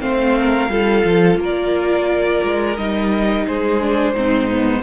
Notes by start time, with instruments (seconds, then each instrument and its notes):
0.00 cello A3, viola C4, violin C5 F5
0.39 violin A#4
0.69 cello G3, viola F4, violin A4
1.04 cello F3
1.36 cello A#3, violin A#4
1.44 violin D5
2.43 cello G#3
2.77 cello G3, viola D#4, violin D#5
3.47 cello G#3, violin G#4 C5
3.81 viola D4
4.15 cello G#2, viola C4, violin D#4
4.51 viola B3